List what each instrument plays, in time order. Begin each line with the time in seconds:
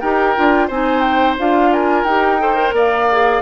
0.00 bassoon D#4, clarinet G4, oboe A#4, flute G5
0.36 bassoon D4, clarinet F4
0.68 bassoon C4, clarinet D#4, oboe C5, flute G#5
1.01 flute G5
1.39 bassoon D4, clarinet F4, flute F5
1.73 oboe A#4, flute G#5
2.04 bassoon D#4, clarinet G4, flute G5
2.40 clarinet A4, oboe C5
2.55 clarinet A#4
2.73 bassoon A#3, oboe D5, flute F5
3.12 clarinet G#4